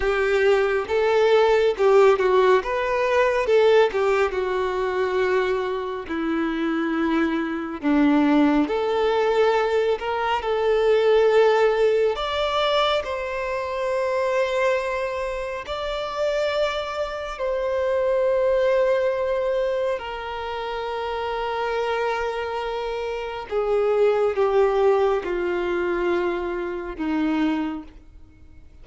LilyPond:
\new Staff \with { instrumentName = "violin" } { \time 4/4 \tempo 4 = 69 g'4 a'4 g'8 fis'8 b'4 | a'8 g'8 fis'2 e'4~ | e'4 d'4 a'4. ais'8 | a'2 d''4 c''4~ |
c''2 d''2 | c''2. ais'4~ | ais'2. gis'4 | g'4 f'2 dis'4 | }